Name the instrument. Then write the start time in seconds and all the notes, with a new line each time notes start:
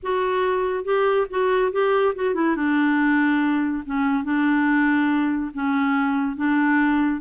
clarinet
0.02 F#4
0.84 G4
1.30 F#4
1.72 G4
2.15 F#4
2.34 E4
2.55 D4
3.85 C#4
4.23 D4
5.54 C#4
6.36 D4